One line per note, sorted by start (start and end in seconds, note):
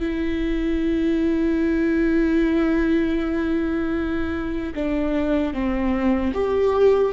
0.00 4.74 E4
4.75 5.54 D4
5.54 6.33 C4
6.34 7.13 G4